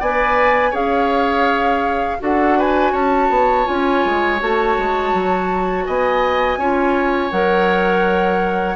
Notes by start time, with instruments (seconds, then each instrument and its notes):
0.00 bassoon B3, clarinet B4, oboe D5, flute G#5
0.70 bassoon C#4, clarinet G#4, oboe C#5, flute F5
2.20 bassoon D4, clarinet F#4, oboe A4, flute F#5
2.58 oboe B4, flute G#5
2.92 bassoon C#4, oboe C#5, flute A5
3.29 bassoon B3
3.65 bassoon C#4, clarinet F4, flute G#5
4.05 bassoon G#3
4.40 bassoon A3, clarinet F#4, flute A5
4.77 bassoon G#3
5.14 bassoon F#3
5.86 bassoon B3, oboe D#5, flute G#5
6.57 bassoon C#4, clarinet F4, oboe C#5
7.31 bassoon F#3, clarinet A#4, flute F#5